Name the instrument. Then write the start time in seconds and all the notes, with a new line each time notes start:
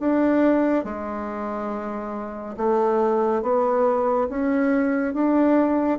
bassoon
0.00 D4
0.85 G#3
2.58 A3
3.42 B3
4.30 C#4
5.14 D4